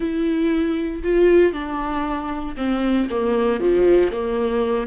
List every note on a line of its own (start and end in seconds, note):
0.00 1.02 E4
1.03 1.52 F4
1.52 2.55 D4
2.56 3.08 C4
3.10 3.60 A#3
3.60 4.11 F3
4.11 4.87 A#3